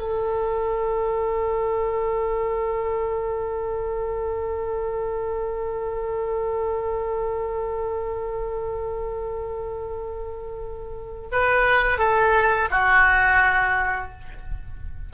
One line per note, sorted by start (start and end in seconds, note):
0.00 11.29 A4
11.32 11.99 B4
11.99 12.69 A4
12.71 14.12 F#4